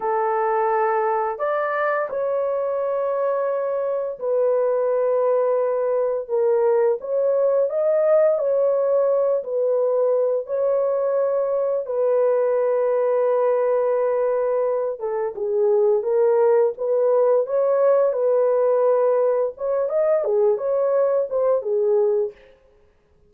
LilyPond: \new Staff \with { instrumentName = "horn" } { \time 4/4 \tempo 4 = 86 a'2 d''4 cis''4~ | cis''2 b'2~ | b'4 ais'4 cis''4 dis''4 | cis''4. b'4. cis''4~ |
cis''4 b'2.~ | b'4. a'8 gis'4 ais'4 | b'4 cis''4 b'2 | cis''8 dis''8 gis'8 cis''4 c''8 gis'4 | }